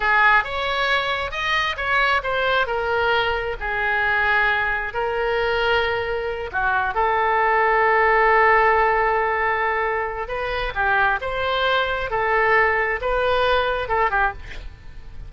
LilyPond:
\new Staff \with { instrumentName = "oboe" } { \time 4/4 \tempo 4 = 134 gis'4 cis''2 dis''4 | cis''4 c''4 ais'2 | gis'2. ais'4~ | ais'2~ ais'8 fis'4 a'8~ |
a'1~ | a'2. b'4 | g'4 c''2 a'4~ | a'4 b'2 a'8 g'8 | }